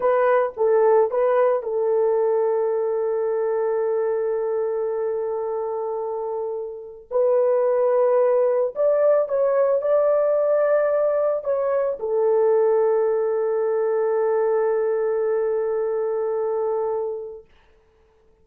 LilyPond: \new Staff \with { instrumentName = "horn" } { \time 4/4 \tempo 4 = 110 b'4 a'4 b'4 a'4~ | a'1~ | a'1~ | a'4 b'2. |
d''4 cis''4 d''2~ | d''4 cis''4 a'2~ | a'1~ | a'1 | }